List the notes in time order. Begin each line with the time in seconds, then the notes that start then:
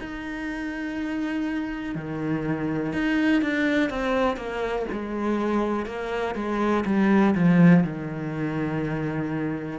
0.00 D#4
1.95 D#3
2.93 D#4
3.42 D4
3.90 C4
4.37 A#3
4.92 G#3
5.86 A#3
6.35 G#3
6.85 G3
7.35 F3
7.84 D#3